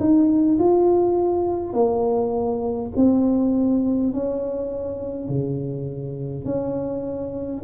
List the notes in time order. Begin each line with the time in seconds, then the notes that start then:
0.00 D#4
0.59 F4
1.73 A#3
2.97 C4
4.13 C#4
5.29 C#3
6.45 C#4